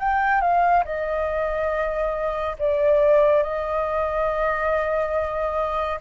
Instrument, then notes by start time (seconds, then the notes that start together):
flute
0.00 G5
0.41 F5
0.85 D#5
2.59 D5
3.43 D#5